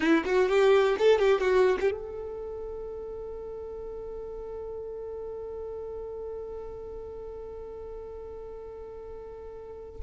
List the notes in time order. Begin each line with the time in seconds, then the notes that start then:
0.00 E4
0.25 F#4
0.48 G4
0.98 A4
1.18 G4
1.40 F#4
1.80 G4
1.90 A4